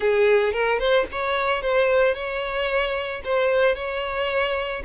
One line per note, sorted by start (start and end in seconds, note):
0.00 0.52 G#4
0.52 0.79 A#4
0.79 1.06 C5
1.11 1.62 C#5
1.62 2.14 C5
2.14 3.21 C#5
3.24 3.75 C5
3.75 4.82 C#5